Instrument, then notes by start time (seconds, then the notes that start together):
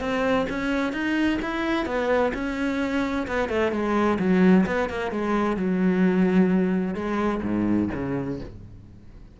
cello
0.00 C4
0.49 C#4
0.92 D#4
1.41 E4
1.85 B3
2.33 C#4
3.27 B3
3.49 A3
3.71 G#3
4.19 F#3
4.66 B3
4.89 A#3
5.11 G#3
5.56 F#3
6.94 G#3
7.42 G#2
7.93 C#3